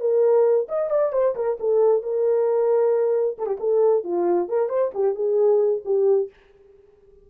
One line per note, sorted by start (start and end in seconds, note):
0.00 0.67 A#4
0.69 0.90 D#5
0.90 1.12 D5
1.12 1.35 C5
1.35 1.58 A#4
1.60 2.02 A4
2.02 3.37 A#4
3.38 3.46 A4
3.46 3.57 G4
3.60 4.04 A4
4.04 4.48 F4
4.48 4.69 A#4
4.69 4.91 C5
4.94 5.15 G4
5.15 5.82 G#4
5.85 6.30 G4